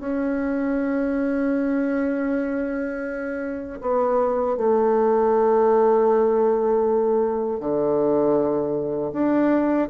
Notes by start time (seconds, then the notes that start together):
0.00 C#4
3.81 B3
4.57 A3
7.60 D3
9.12 D4